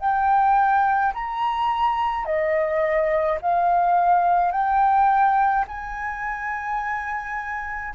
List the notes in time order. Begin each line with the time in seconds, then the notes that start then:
0.00 G5
1.14 A#5
2.25 D#5
3.42 F5
4.52 G5
5.68 G#5